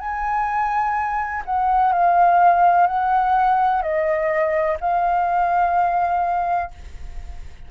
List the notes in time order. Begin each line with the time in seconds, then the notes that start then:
0.00 G#5
1.45 F#5
1.93 F5
2.87 F#5
3.82 D#5
4.81 F5